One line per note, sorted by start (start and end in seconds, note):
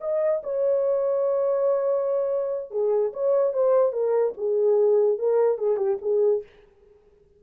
0.00 0.41 D#5
0.43 2.70 C#5
2.71 3.12 G#4
3.13 3.53 C#5
3.53 3.92 C5
3.92 4.33 A#4
4.37 5.18 G#4
5.18 5.58 A#4
5.58 5.77 G#4
5.77 5.97 G4
6.01 6.43 G#4